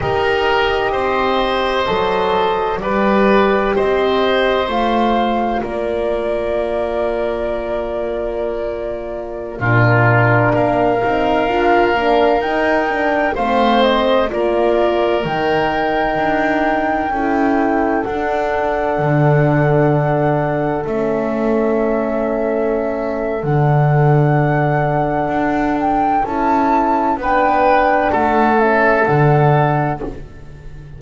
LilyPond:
<<
  \new Staff \with { instrumentName = "flute" } { \time 4/4 \tempo 4 = 64 dis''2. d''4 | dis''4 f''4 d''2~ | d''2~ d''16 ais'4 f''8.~ | f''4~ f''16 g''4 f''8 dis''8 d''8.~ |
d''16 g''2. fis''8.~ | fis''2~ fis''16 e''4.~ e''16~ | e''4 fis''2~ fis''8 g''8 | a''4 g''4 fis''8 e''8 fis''4 | }
  \new Staff \with { instrumentName = "oboe" } { \time 4/4 ais'4 c''2 b'4 | c''2 ais'2~ | ais'2~ ais'16 f'4 ais'8.~ | ais'2~ ais'16 c''4 ais'8.~ |
ais'2~ ais'16 a'4.~ a'16~ | a'1~ | a'1~ | a'4 b'4 a'2 | }
  \new Staff \with { instrumentName = "horn" } { \time 4/4 g'2 a'4 g'4~ | g'4 f'2.~ | f'2~ f'16 d'4. dis'16~ | dis'16 f'8 d'8 dis'8 d'8 c'4 f'8.~ |
f'16 dis'2 e'4 d'8.~ | d'2~ d'16 cis'4.~ cis'16~ | cis'4 d'2. | e'4 d'4. cis'8 d'4 | }
  \new Staff \with { instrumentName = "double bass" } { \time 4/4 dis'4 c'4 fis4 g4 | c'4 a4 ais2~ | ais2~ ais16 ais,4 ais8 c'16~ | c'16 d'8 ais8 dis'4 a4 ais8.~ |
ais16 dis4 d'4 cis'4 d'8.~ | d'16 d2 a4.~ a16~ | a4 d2 d'4 | cis'4 b4 a4 d4 | }
>>